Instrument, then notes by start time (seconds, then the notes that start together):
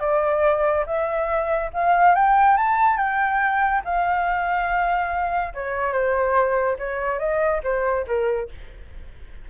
flute
0.00 D5
0.86 E5
1.73 F5
2.15 G5
2.57 A5
2.97 G5
3.85 F5
5.54 C#5
5.93 C5
6.79 C#5
7.19 D#5
7.64 C5
8.07 A#4